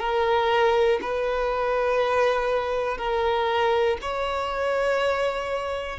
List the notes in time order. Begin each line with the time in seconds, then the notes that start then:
0.00 A#4
1.02 B4
2.98 A#4
4.02 C#5